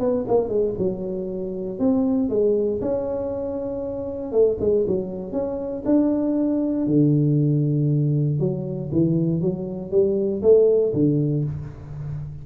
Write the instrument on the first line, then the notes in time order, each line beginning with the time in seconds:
tuba
0.00 B3
0.28 A#3
0.49 G#3
0.79 F#3
1.80 C4
2.30 G#3
2.82 C#4
4.32 A3
4.61 G#3
4.87 F#3
5.33 C#4
5.86 D4
6.87 D3
8.40 F#3
8.92 E3
9.41 F#3
9.91 G3
10.43 A3
10.94 D3